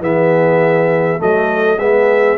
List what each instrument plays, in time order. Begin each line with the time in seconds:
0.00 tuba E3, trombone B3, horn G#4, trumpet E5
1.18 tuba F#3, trombone A3, horn A4, trumpet D#5
1.77 tuba G#3, trombone B3, horn G#4, trumpet E5